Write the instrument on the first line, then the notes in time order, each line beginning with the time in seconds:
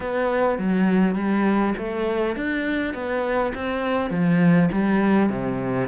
cello
0.00 B3
0.58 F#3
1.15 G3
1.78 A3
2.36 D4
2.94 B3
3.54 C4
4.10 F3
4.71 G3
5.29 C3